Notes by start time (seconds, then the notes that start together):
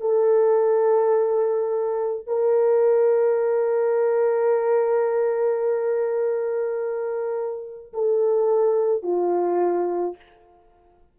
0.00 A4
2.26 A#4
7.93 A4
9.03 F4